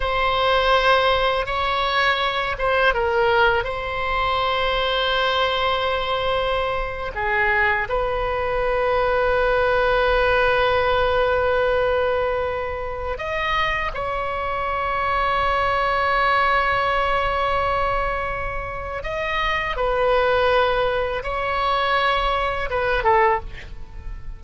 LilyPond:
\new Staff \with { instrumentName = "oboe" } { \time 4/4 \tempo 4 = 82 c''2 cis''4. c''8 | ais'4 c''2.~ | c''4.~ c''16 gis'4 b'4~ b'16~ | b'1~ |
b'2 dis''4 cis''4~ | cis''1~ | cis''2 dis''4 b'4~ | b'4 cis''2 b'8 a'8 | }